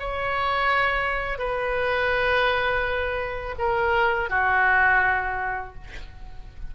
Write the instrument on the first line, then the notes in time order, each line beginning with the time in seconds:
oboe
0.00 C#5
1.39 B4
3.59 A#4
4.30 F#4